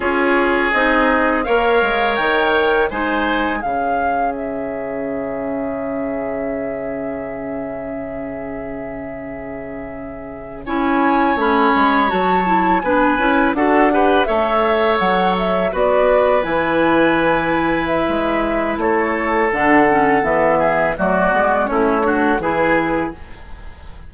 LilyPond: <<
  \new Staff \with { instrumentName = "flute" } { \time 4/4 \tempo 4 = 83 cis''4 dis''4 f''4 g''4 | gis''4 f''4 e''2~ | e''1~ | e''2~ e''8. gis''4 b''16~ |
b''8. a''4 gis''4 fis''4 e''16~ | e''8. fis''8 e''8 d''4 gis''4~ gis''16~ | gis''8. e''4~ e''16 cis''4 fis''4 | e''4 d''4 cis''4 b'4 | }
  \new Staff \with { instrumentName = "oboe" } { \time 4/4 gis'2 cis''2 | c''4 gis'2.~ | gis'1~ | gis'2~ gis'8. cis''4~ cis''16~ |
cis''4.~ cis''16 b'4 a'8 b'8 cis''16~ | cis''4.~ cis''16 b'2~ b'16~ | b'2 a'2~ | a'8 gis'8 fis'4 e'8 fis'8 gis'4 | }
  \new Staff \with { instrumentName = "clarinet" } { \time 4/4 f'4 dis'4 ais'2 | dis'4 cis'2.~ | cis'1~ | cis'2~ cis'8. e'4 cis'16~ |
cis'8. fis'8 e'8 d'8 e'8 fis'8 g'8 a'16~ | a'4.~ a'16 fis'4 e'4~ e'16~ | e'2. d'8 cis'8 | b4 a8 b8 cis'8 d'8 e'4 | }
  \new Staff \with { instrumentName = "bassoon" } { \time 4/4 cis'4 c'4 ais8 gis8 dis4 | gis4 cis2.~ | cis1~ | cis2~ cis8. cis'4 a16~ |
a16 gis8 fis4 b8 cis'8 d'4 a16~ | a8. fis4 b4 e4~ e16~ | e4 gis4 a4 d4 | e4 fis8 gis8 a4 e4 | }
>>